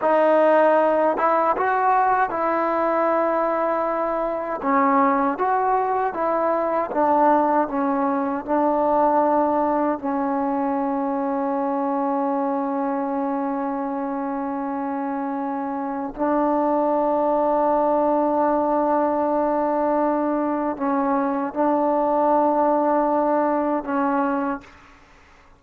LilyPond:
\new Staff \with { instrumentName = "trombone" } { \time 4/4 \tempo 4 = 78 dis'4. e'8 fis'4 e'4~ | e'2 cis'4 fis'4 | e'4 d'4 cis'4 d'4~ | d'4 cis'2.~ |
cis'1~ | cis'4 d'2.~ | d'2. cis'4 | d'2. cis'4 | }